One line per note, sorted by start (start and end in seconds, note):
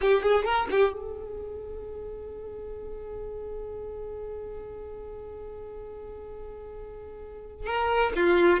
0.01 0.22 G4
0.22 0.44 G#4
0.44 0.68 A#4
0.70 0.92 G4
0.92 7.66 G#4
7.66 8.12 A#4
8.15 8.60 F4